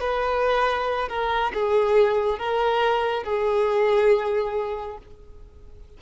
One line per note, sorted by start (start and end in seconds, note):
0.00 1.08 B4
1.08 1.52 A#4
1.53 2.38 G#4
2.38 3.23 A#4
3.23 4.97 G#4